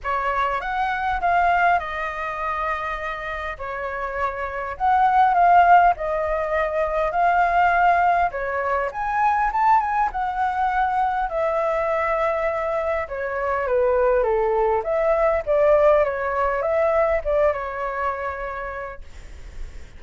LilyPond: \new Staff \with { instrumentName = "flute" } { \time 4/4 \tempo 4 = 101 cis''4 fis''4 f''4 dis''4~ | dis''2 cis''2 | fis''4 f''4 dis''2 | f''2 cis''4 gis''4 |
a''8 gis''8 fis''2 e''4~ | e''2 cis''4 b'4 | a'4 e''4 d''4 cis''4 | e''4 d''8 cis''2~ cis''8 | }